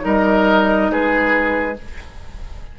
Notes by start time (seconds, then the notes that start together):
0.00 G3 D#4 A#4 D#5
0.90 G#3 G#4 B4